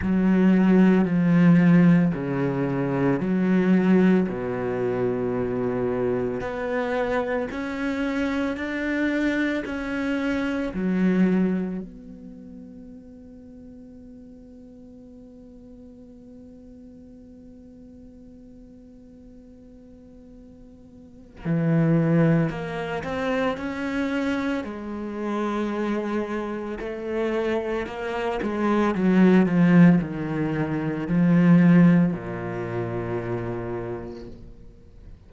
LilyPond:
\new Staff \with { instrumentName = "cello" } { \time 4/4 \tempo 4 = 56 fis4 f4 cis4 fis4 | b,2 b4 cis'4 | d'4 cis'4 fis4 b4~ | b1~ |
b1 | e4 ais8 c'8 cis'4 gis4~ | gis4 a4 ais8 gis8 fis8 f8 | dis4 f4 ais,2 | }